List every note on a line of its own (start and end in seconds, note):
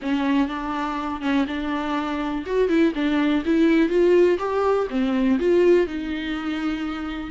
0.02 0.48 C#4
0.48 1.21 D4
1.21 1.45 C#4
1.47 2.44 D4
2.45 2.68 F#4
2.68 2.93 E4
2.94 3.43 D4
3.45 3.89 E4
3.89 4.38 F4
4.38 4.87 G4
4.90 5.38 C4
5.39 5.86 F4
5.86 7.31 D#4